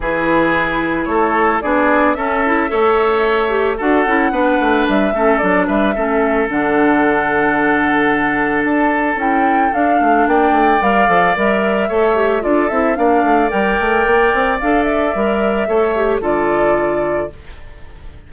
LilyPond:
<<
  \new Staff \with { instrumentName = "flute" } { \time 4/4 \tempo 4 = 111 b'2 cis''4 d''4 | e''2. fis''4~ | fis''4 e''4 d''8 e''4. | fis''1 |
a''4 g''4 f''4 g''4 | f''4 e''2 d''8 e''8 | f''4 g''2 f''8 e''8~ | e''2 d''2 | }
  \new Staff \with { instrumentName = "oboe" } { \time 4/4 gis'2 a'4 gis'4 | a'4 cis''2 a'4 | b'4. a'4 b'8 a'4~ | a'1~ |
a'2. d''4~ | d''2 cis''4 a'4 | d''1~ | d''4 cis''4 a'2 | }
  \new Staff \with { instrumentName = "clarinet" } { \time 4/4 e'2. d'4 | cis'8 e'8 a'4. g'8 fis'8 e'8 | d'4. cis'8 d'4 cis'4 | d'1~ |
d'4 e'4 d'2 | ais'8 a'8 ais'4 a'8 g'8 f'8 e'8 | d'4 ais'2 a'4 | ais'4 a'8 g'8 f'2 | }
  \new Staff \with { instrumentName = "bassoon" } { \time 4/4 e2 a4 b4 | cis'4 a2 d'8 cis'8 | b8 a8 g8 a8 fis8 g8 a4 | d1 |
d'4 cis'4 d'8 a8 ais8 a8 | g8 f8 g4 a4 d'8 c'8 | ais8 a8 g8 a8 ais8 c'8 d'4 | g4 a4 d2 | }
>>